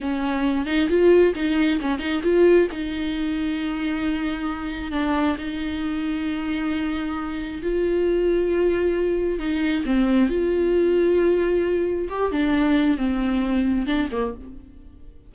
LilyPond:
\new Staff \with { instrumentName = "viola" } { \time 4/4 \tempo 4 = 134 cis'4. dis'8 f'4 dis'4 | cis'8 dis'8 f'4 dis'2~ | dis'2. d'4 | dis'1~ |
dis'4 f'2.~ | f'4 dis'4 c'4 f'4~ | f'2. g'8 d'8~ | d'4 c'2 d'8 ais8 | }